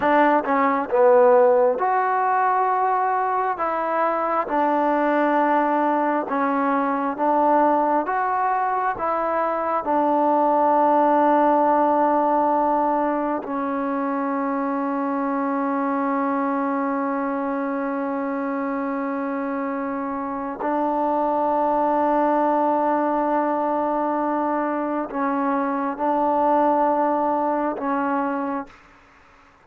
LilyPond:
\new Staff \with { instrumentName = "trombone" } { \time 4/4 \tempo 4 = 67 d'8 cis'8 b4 fis'2 | e'4 d'2 cis'4 | d'4 fis'4 e'4 d'4~ | d'2. cis'4~ |
cis'1~ | cis'2. d'4~ | d'1 | cis'4 d'2 cis'4 | }